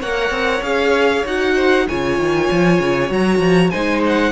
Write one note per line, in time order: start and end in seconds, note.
0.00 0.31 A#3
0.00 0.63 A#4
0.00 1.55 C#5
0.00 0.64 F#5
0.31 0.62 C4
0.62 1.24 C#4
0.62 1.25 G#4
0.62 1.25 F5
1.26 1.88 D#4
1.26 1.88 F#4
1.26 1.88 F#5
1.55 1.86 C5
1.88 2.19 C#3
1.88 3.09 F4
1.88 3.72 C#5
1.88 3.12 G#5
2.19 2.50 D#3
2.51 2.80 F3
2.80 3.10 C#3
3.09 3.40 F#3
3.09 3.70 F#4
3.09 3.71 A#5
3.40 3.70 F3
3.71 4.32 G#3
3.71 4.32 D#4
3.71 4.32 C5
3.71 4.02 G#5
4.07 4.32 F#5